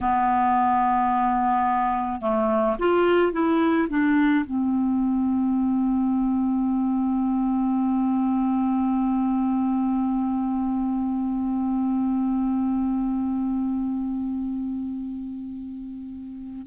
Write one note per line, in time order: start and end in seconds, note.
0.00 2.21 B3
2.21 2.76 A3
2.79 3.32 F4
3.32 3.88 E4
3.89 4.44 D4
4.45 16.66 C4